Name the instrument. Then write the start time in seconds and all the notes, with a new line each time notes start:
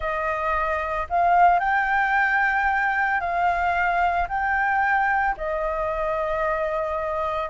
flute
0.00 D#5
1.09 F5
1.59 G5
3.20 F5
4.28 G5
5.37 D#5